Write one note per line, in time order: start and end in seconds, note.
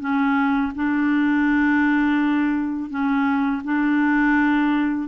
0.00 0.72 C#4
0.75 2.90 D4
2.90 3.62 C#4
3.64 5.08 D4